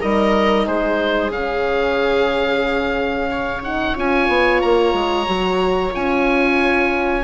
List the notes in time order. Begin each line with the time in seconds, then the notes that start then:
0.00 G3 D#4 A#4 D#5
0.66 G#3 G#4 C5
1.30 C#3 C#4 F5
3.31 C#5
3.63 D#4 F#5
3.95 C#4 F4 G#5
4.28 B3
4.62 A#3 A#5
4.94 G#3
5.26 F#3 F#4
5.92 C#4 F4 G#5